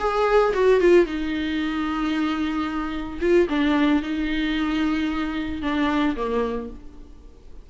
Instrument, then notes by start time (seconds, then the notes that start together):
viola
0.00 G#4
0.54 F#4
0.81 F4
1.06 D#4
3.21 F4
3.50 D4
4.03 D#4
5.62 D4
6.17 A#3